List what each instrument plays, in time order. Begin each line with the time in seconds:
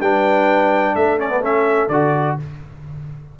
0.00 tuba G3, trombone D4, horn B4, trumpet G5
0.95 tuba A3, horn A4, trumpet E5
1.18 trombone C#4, trumpet D5
1.29 trombone B3
1.41 trombone C#4, trumpet E5
1.88 tuba D3, trombone F#4, trumpet D5